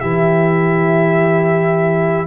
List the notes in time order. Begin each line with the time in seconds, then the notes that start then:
0.00 E3 E4 G4 E5